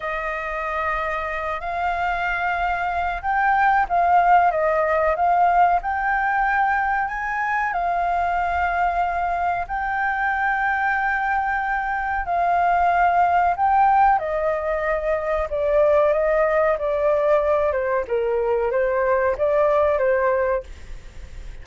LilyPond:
\new Staff \with { instrumentName = "flute" } { \time 4/4 \tempo 4 = 93 dis''2~ dis''8 f''4.~ | f''4 g''4 f''4 dis''4 | f''4 g''2 gis''4 | f''2. g''4~ |
g''2. f''4~ | f''4 g''4 dis''2 | d''4 dis''4 d''4. c''8 | ais'4 c''4 d''4 c''4 | }